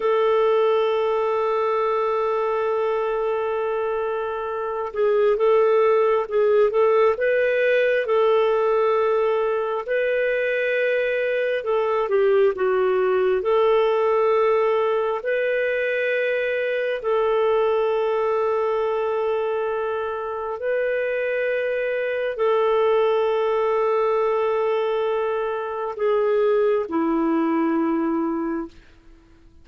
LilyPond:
\new Staff \with { instrumentName = "clarinet" } { \time 4/4 \tempo 4 = 67 a'1~ | a'4. gis'8 a'4 gis'8 a'8 | b'4 a'2 b'4~ | b'4 a'8 g'8 fis'4 a'4~ |
a'4 b'2 a'4~ | a'2. b'4~ | b'4 a'2.~ | a'4 gis'4 e'2 | }